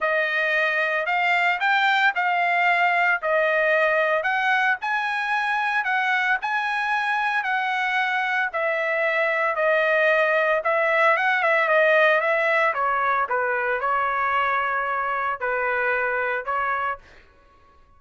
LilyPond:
\new Staff \with { instrumentName = "trumpet" } { \time 4/4 \tempo 4 = 113 dis''2 f''4 g''4 | f''2 dis''2 | fis''4 gis''2 fis''4 | gis''2 fis''2 |
e''2 dis''2 | e''4 fis''8 e''8 dis''4 e''4 | cis''4 b'4 cis''2~ | cis''4 b'2 cis''4 | }